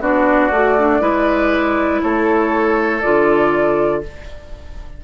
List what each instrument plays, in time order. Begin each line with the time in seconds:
0.00 bassoon B3, clarinet D4, oboe F#4, flute D5
0.51 bassoon A3, clarinet F#4
0.78 clarinet D4
1.01 bassoon G#3, clarinet E4, oboe B4
2.02 bassoon A3, oboe A4, flute C#5
3.01 bassoon D3, clarinet F4, flute D5